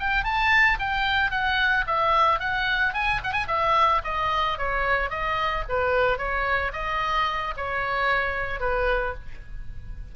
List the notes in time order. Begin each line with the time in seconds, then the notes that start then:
0.00 G5
0.24 A5
0.79 G5
1.31 F#5
1.87 E5
2.40 F#5
2.94 G#5
3.24 F#5
3.33 G#5
3.48 E5
4.04 D#5
4.58 C#5
5.10 D#5
5.69 B4
6.18 C#5
6.73 D#5
7.57 C#5
8.60 B4